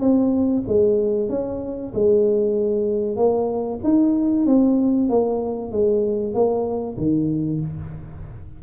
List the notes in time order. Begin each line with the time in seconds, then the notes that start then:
0.00 C4
0.67 G#3
1.29 C#4
1.94 G#3
3.16 A#3
3.84 D#4
4.46 C4
5.09 A#3
5.71 G#3
6.34 A#3
6.97 D#3